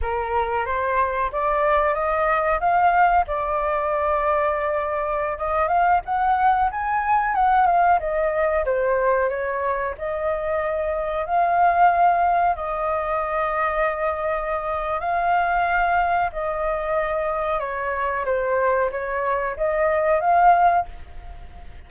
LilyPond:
\new Staff \with { instrumentName = "flute" } { \time 4/4 \tempo 4 = 92 ais'4 c''4 d''4 dis''4 | f''4 d''2.~ | d''16 dis''8 f''8 fis''4 gis''4 fis''8 f''16~ | f''16 dis''4 c''4 cis''4 dis''8.~ |
dis''4~ dis''16 f''2 dis''8.~ | dis''2. f''4~ | f''4 dis''2 cis''4 | c''4 cis''4 dis''4 f''4 | }